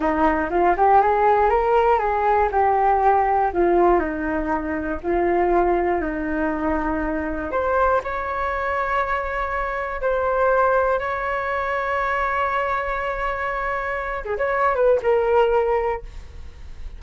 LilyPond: \new Staff \with { instrumentName = "flute" } { \time 4/4 \tempo 4 = 120 dis'4 f'8 g'8 gis'4 ais'4 | gis'4 g'2 f'4 | dis'2 f'2 | dis'2. c''4 |
cis''1 | c''2 cis''2~ | cis''1~ | cis''8 gis'16 cis''8. b'8 ais'2 | }